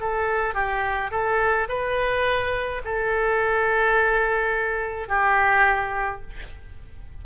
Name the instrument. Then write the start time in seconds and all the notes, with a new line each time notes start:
oboe
0.00 A4
0.54 G4
1.11 A4
1.68 B4
2.84 A4
5.08 G4